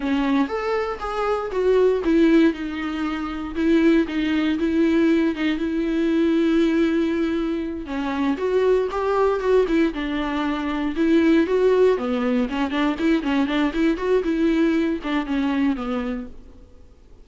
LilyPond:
\new Staff \with { instrumentName = "viola" } { \time 4/4 \tempo 4 = 118 cis'4 a'4 gis'4 fis'4 | e'4 dis'2 e'4 | dis'4 e'4. dis'8 e'4~ | e'2.~ e'8 cis'8~ |
cis'8 fis'4 g'4 fis'8 e'8 d'8~ | d'4. e'4 fis'4 b8~ | b8 cis'8 d'8 e'8 cis'8 d'8 e'8 fis'8 | e'4. d'8 cis'4 b4 | }